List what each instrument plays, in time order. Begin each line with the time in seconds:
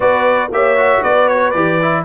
0.00 tuba B3, trombone F#4, horn B4, trumpet D5
0.50 tuba A#3, trombone G4, horn C#5, trumpet E5
0.77 trombone F#4
1.01 tuba B3, horn B4, trumpet D5
1.28 trumpet C#5
1.50 tuba E3, trombone G4, trumpet D5
1.82 trombone E4